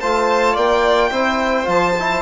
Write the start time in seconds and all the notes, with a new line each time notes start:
0.00 A3 F4 C5 A5
0.54 A#3 D5 G5
1.11 C4 E4 C5
1.64 F3 F4 A5
1.99 E4